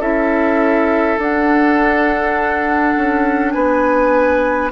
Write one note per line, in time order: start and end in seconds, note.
0.00 1.18 C#4
0.00 1.18 E4
0.00 3.53 A4
0.00 1.19 E5
1.18 2.95 D4
1.18 4.71 D4
1.18 3.51 F#5
2.97 3.55 C#4
3.51 4.72 B3
3.51 4.72 B4
3.51 4.69 G#5